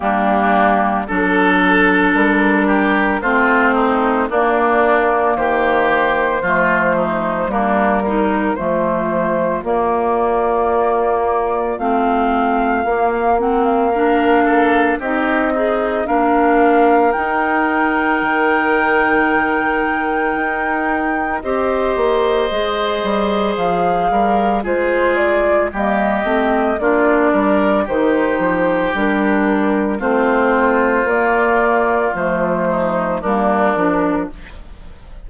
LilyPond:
<<
  \new Staff \with { instrumentName = "flute" } { \time 4/4 \tempo 4 = 56 g'4 a'4 ais'4 c''4 | d''4 c''2 ais'4 | c''4 d''2 f''4~ | f''8 fis''16 f''4~ f''16 dis''4 f''4 |
g''1 | dis''2 f''4 c''8 d''8 | dis''4 d''4 c''4 ais'4 | c''4 d''4 c''4 ais'4 | }
  \new Staff \with { instrumentName = "oboe" } { \time 4/4 d'4 a'4. g'8 f'8 dis'8 | d'4 g'4 f'8 dis'8 d'8 ais8 | f'1~ | f'4 ais'8 a'8 g'8 dis'8 ais'4~ |
ais'1 | c''2~ c''8 ais'8 gis'4 | g'4 f'8 ais'8 g'2 | f'2~ f'8 dis'8 d'4 | }
  \new Staff \with { instrumentName = "clarinet" } { \time 4/4 ais4 d'2 c'4 | ais2 a4 ais8 dis'8 | a4 ais2 c'4 | ais8 c'8 d'4 dis'8 gis'8 d'4 |
dis'1 | g'4 gis'2 f'4 | ais8 c'8 d'4 dis'4 d'4 | c'4 ais4 a4 ais8 d'8 | }
  \new Staff \with { instrumentName = "bassoon" } { \time 4/4 g4 fis4 g4 a4 | ais4 dis4 f4 g4 | f4 ais2 a4 | ais2 c'4 ais4 |
dis'4 dis2 dis'4 | c'8 ais8 gis8 g8 f8 g8 gis4 | g8 a8 ais8 g8 dis8 f8 g4 | a4 ais4 f4 g8 f8 | }
>>